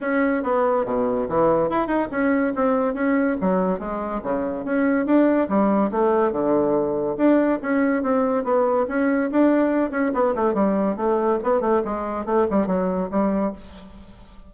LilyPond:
\new Staff \with { instrumentName = "bassoon" } { \time 4/4 \tempo 4 = 142 cis'4 b4 b,4 e4 | e'8 dis'8 cis'4 c'4 cis'4 | fis4 gis4 cis4 cis'4 | d'4 g4 a4 d4~ |
d4 d'4 cis'4 c'4 | b4 cis'4 d'4. cis'8 | b8 a8 g4 a4 b8 a8 | gis4 a8 g8 fis4 g4 | }